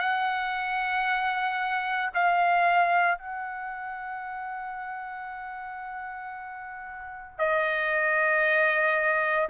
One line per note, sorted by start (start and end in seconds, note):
0.00 2.11 F#5
2.15 3.19 F5
3.19 7.39 F#5
7.39 9.49 D#5